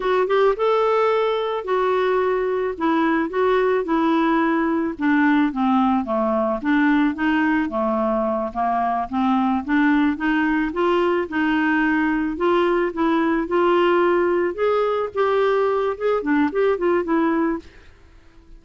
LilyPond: \new Staff \with { instrumentName = "clarinet" } { \time 4/4 \tempo 4 = 109 fis'8 g'8 a'2 fis'4~ | fis'4 e'4 fis'4 e'4~ | e'4 d'4 c'4 a4 | d'4 dis'4 a4. ais8~ |
ais8 c'4 d'4 dis'4 f'8~ | f'8 dis'2 f'4 e'8~ | e'8 f'2 gis'4 g'8~ | g'4 gis'8 d'8 g'8 f'8 e'4 | }